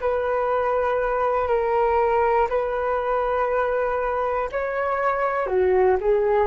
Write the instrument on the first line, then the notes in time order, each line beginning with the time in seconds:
flute
0.00 B4
1.47 A#4
2.49 B4
4.52 C#5
5.46 F#4
6.00 G#4